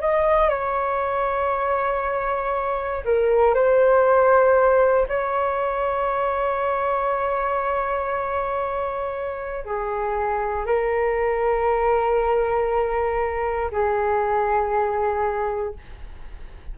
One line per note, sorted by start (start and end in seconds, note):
0.00 0.49 D#5
0.49 3.04 C#5
3.04 3.54 A#4
3.54 5.07 C5
5.08 9.65 C#5
9.65 10.65 G#4
10.65 13.71 A#4
13.71 15.74 G#4